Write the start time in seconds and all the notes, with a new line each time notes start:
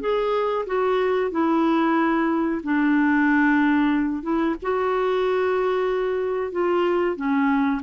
0.00 G#4
0.66 F#4
1.30 E4
2.63 D4
4.22 E4
4.62 F#4
6.52 F4
7.16 C#4